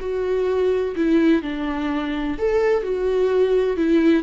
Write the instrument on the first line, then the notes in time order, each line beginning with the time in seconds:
viola
0.00 F#4
0.96 E4
1.42 D4
2.38 A4
2.83 F#4
3.77 E4